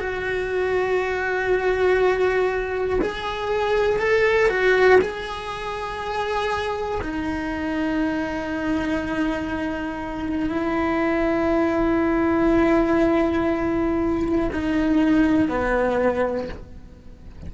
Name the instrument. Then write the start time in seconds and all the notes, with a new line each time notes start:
cello
0.00 F#4
3.02 G#4
4.00 A4
4.50 F#4
5.01 G#4
7.02 D#4
10.50 E4
14.53 D#4
15.49 B3